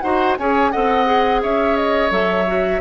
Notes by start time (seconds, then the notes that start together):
0.00 D#4 F#4 C5 F#5
0.38 C#4 G#4 C#5 G#5
0.71 C4 A4 D#5 F#5
1.06 G#4
1.42 C#4 C#5 E5
1.76 D#5
2.10 F#3 A4 E5
2.47 F#4